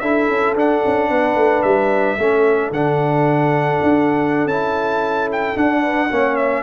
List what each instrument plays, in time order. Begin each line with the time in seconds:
0.00 tuba D4, trombone E4, horn A4, trumpet E5
0.29 tuba C#4
0.55 tuba D4, trombone D4, trumpet F#5
0.86 tuba C#4
1.09 tuba B3, horn B4
1.36 tuba A3
1.63 tuba G3, trumpet E5
2.19 tuba A3, trombone C#4, horn A4
2.71 tuba D3, trombone D4, trumpet F#5
3.83 tuba D4
4.46 tuba C#4, trombone E4, trumpet A5
5.32 trumpet G5
5.56 trombone D4, tuba D4, trumpet F#5
5.82 horn B4
6.10 tuba A#3, trombone C#4, horn C#5
6.36 trumpet E5